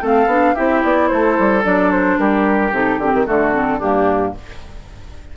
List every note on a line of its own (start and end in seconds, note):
0.00 0.26 A3
0.00 0.27 C4
0.00 0.54 A4
0.00 0.55 F5
0.26 0.53 B3
0.26 0.56 D4
0.54 0.83 C4
0.54 1.63 E4
0.54 1.08 G4
0.54 0.82 E5
0.83 1.10 B3
0.83 1.08 D5
1.08 1.38 A3
1.08 2.18 A4
1.08 1.62 C5
1.38 1.64 G3
1.63 2.18 F#3
1.63 2.71 D4
1.63 1.91 D5
1.91 2.18 C5
2.18 2.71 G3
2.18 3.26 G4
2.18 2.72 A#4
2.71 2.98 C3
2.71 3.00 D#4
2.71 2.98 A4
2.98 3.12 D3
2.98 3.26 C4
2.98 3.25 G4
3.13 3.27 D#3
3.26 3.82 D3
3.26 3.53 A3
3.26 3.78 F#4
3.26 3.80 A4
3.53 3.80 C4
3.78 4.36 G2
3.78 4.35 A#3
3.78 4.32 D4
3.78 4.34 G4